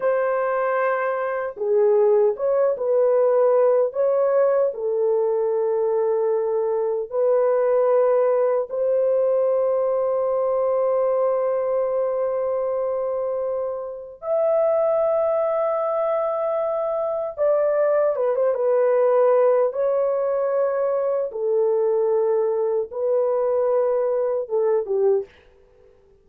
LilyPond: \new Staff \with { instrumentName = "horn" } { \time 4/4 \tempo 4 = 76 c''2 gis'4 cis''8 b'8~ | b'4 cis''4 a'2~ | a'4 b'2 c''4~ | c''1~ |
c''2 e''2~ | e''2 d''4 b'16 c''16 b'8~ | b'4 cis''2 a'4~ | a'4 b'2 a'8 g'8 | }